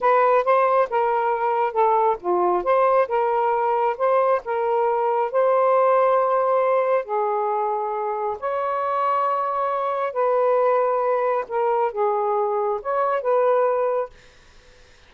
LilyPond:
\new Staff \with { instrumentName = "saxophone" } { \time 4/4 \tempo 4 = 136 b'4 c''4 ais'2 | a'4 f'4 c''4 ais'4~ | ais'4 c''4 ais'2 | c''1 |
gis'2. cis''4~ | cis''2. b'4~ | b'2 ais'4 gis'4~ | gis'4 cis''4 b'2 | }